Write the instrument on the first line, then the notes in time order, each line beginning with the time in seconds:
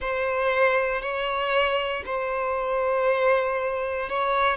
violin
0.00 C5
1.01 C#5
2.05 C5
4.09 C#5